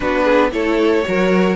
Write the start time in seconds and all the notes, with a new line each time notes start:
0.00 B3 D4 F#4 B4
0.24 G#4
0.51 A3 E4 A4 C#5
1.04 F#3 F#4 A#4